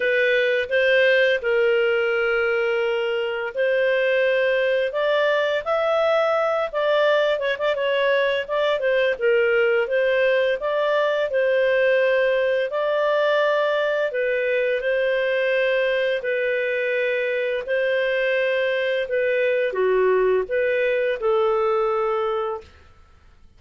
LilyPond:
\new Staff \with { instrumentName = "clarinet" } { \time 4/4 \tempo 4 = 85 b'4 c''4 ais'2~ | ais'4 c''2 d''4 | e''4. d''4 cis''16 d''16 cis''4 | d''8 c''8 ais'4 c''4 d''4 |
c''2 d''2 | b'4 c''2 b'4~ | b'4 c''2 b'4 | fis'4 b'4 a'2 | }